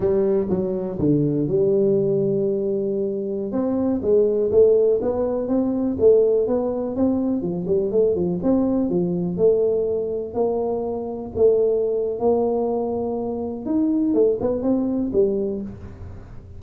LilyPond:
\new Staff \with { instrumentName = "tuba" } { \time 4/4 \tempo 4 = 123 g4 fis4 d4 g4~ | g2.~ g16 c'8.~ | c'16 gis4 a4 b4 c'8.~ | c'16 a4 b4 c'4 f8 g16~ |
g16 a8 f8 c'4 f4 a8.~ | a4~ a16 ais2 a8.~ | a4 ais2. | dis'4 a8 b8 c'4 g4 | }